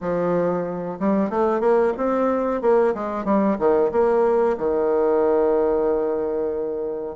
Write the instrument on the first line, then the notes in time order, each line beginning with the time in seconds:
bassoon
0.01 F3
0.99 G3
1.30 A3
1.60 A#3
1.97 C4
2.61 A#3
2.94 G#3
3.24 G3
3.58 D#3
3.91 A#3
4.57 D#3